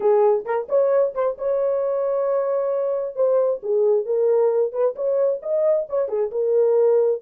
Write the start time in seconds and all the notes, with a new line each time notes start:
0.00 G#4
0.45 A#4
0.68 C#5
1.14 C5
1.38 C#5
3.15 C5
3.62 G#4
4.05 A#4
4.72 B4
4.95 C#5
5.42 D#5
5.89 C#5
6.08 G#4
6.31 A#4